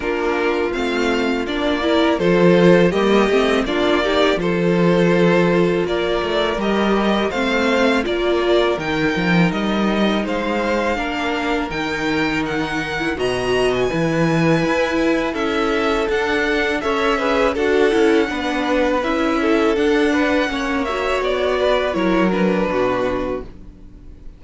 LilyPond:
<<
  \new Staff \with { instrumentName = "violin" } { \time 4/4 \tempo 4 = 82 ais'4 f''4 d''4 c''4 | dis''4 d''4 c''2 | d''4 dis''4 f''4 d''4 | g''4 dis''4 f''2 |
g''4 fis''4 ais''8. gis''4~ gis''16~ | gis''4 e''4 fis''4 e''4 | fis''2 e''4 fis''4~ | fis''8 e''8 d''4 cis''8 b'4. | }
  \new Staff \with { instrumentName = "violin" } { \time 4/4 f'2~ f'8 ais'8 a'4 | g'4 f'8 g'8 a'2 | ais'2 c''4 ais'4~ | ais'2 c''4 ais'4~ |
ais'2 dis''4 b'4~ | b'4 a'2 cis''8 b'8 | a'4 b'4. a'4 b'8 | cis''4. b'8 ais'4 fis'4 | }
  \new Staff \with { instrumentName = "viola" } { \time 4/4 d'4 c'4 d'8 e'8 f'4 | ais8 c'8 d'8 dis'8 f'2~ | f'4 g'4 c'4 f'4 | dis'2. d'4 |
dis'4.~ dis'16 e'16 fis'4 e'4~ | e'2 d'4 a'8 gis'8 | fis'8 e'8 d'4 e'4 d'4 | cis'8 fis'4. e'8 d'4. | }
  \new Staff \with { instrumentName = "cello" } { \time 4/4 ais4 a4 ais4 f4 | g8 a8 ais4 f2 | ais8 a8 g4 a4 ais4 | dis8 f8 g4 gis4 ais4 |
dis2 b,4 e4 | e'4 cis'4 d'4 cis'4 | d'8 cis'8 b4 cis'4 d'4 | ais4 b4 fis4 b,4 | }
>>